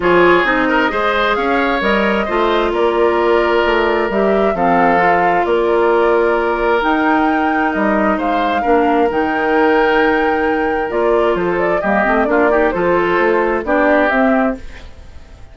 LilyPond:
<<
  \new Staff \with { instrumentName = "flute" } { \time 4/4 \tempo 4 = 132 cis''4 dis''2 f''4 | dis''2 d''2~ | d''4 e''4 f''2 | d''2. g''4~ |
g''4 dis''4 f''2 | g''1 | d''4 c''8 d''8 dis''4 d''4 | c''2 d''4 e''4 | }
  \new Staff \with { instrumentName = "oboe" } { \time 4/4 gis'4. ais'8 c''4 cis''4~ | cis''4 c''4 ais'2~ | ais'2 a'2 | ais'1~ |
ais'2 c''4 ais'4~ | ais'1~ | ais'4 a'4 g'4 f'8 g'8 | a'2 g'2 | }
  \new Staff \with { instrumentName = "clarinet" } { \time 4/4 f'4 dis'4 gis'2 | ais'4 f'2.~ | f'4 g'4 c'4 f'4~ | f'2. dis'4~ |
dis'2. d'4 | dis'1 | f'2 ais8 c'8 d'8 dis'8 | f'2 d'4 c'4 | }
  \new Staff \with { instrumentName = "bassoon" } { \time 4/4 f4 c'4 gis4 cis'4 | g4 a4 ais2 | a4 g4 f2 | ais2. dis'4~ |
dis'4 g4 gis4 ais4 | dis1 | ais4 f4 g8 a8 ais4 | f4 a4 b4 c'4 | }
>>